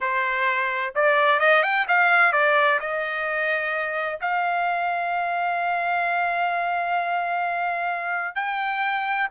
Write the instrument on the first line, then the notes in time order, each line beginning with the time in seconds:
trumpet
0.00 C5
0.95 D5
1.39 D#5
1.62 G5
1.88 F5
2.32 D5
2.79 D#5
4.20 F5
8.35 G5